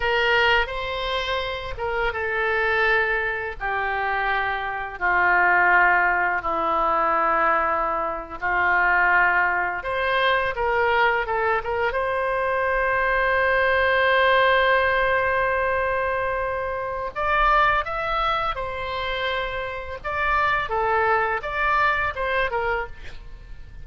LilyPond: \new Staff \with { instrumentName = "oboe" } { \time 4/4 \tempo 4 = 84 ais'4 c''4. ais'8 a'4~ | a'4 g'2 f'4~ | f'4 e'2~ e'8. f'16~ | f'4.~ f'16 c''4 ais'4 a'16~ |
a'16 ais'8 c''2.~ c''16~ | c''1 | d''4 e''4 c''2 | d''4 a'4 d''4 c''8 ais'8 | }